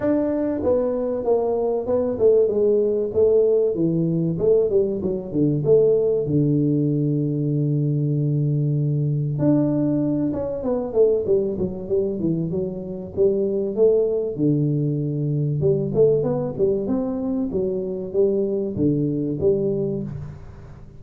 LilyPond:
\new Staff \with { instrumentName = "tuba" } { \time 4/4 \tempo 4 = 96 d'4 b4 ais4 b8 a8 | gis4 a4 e4 a8 g8 | fis8 d8 a4 d2~ | d2. d'4~ |
d'8 cis'8 b8 a8 g8 fis8 g8 e8 | fis4 g4 a4 d4~ | d4 g8 a8 b8 g8 c'4 | fis4 g4 d4 g4 | }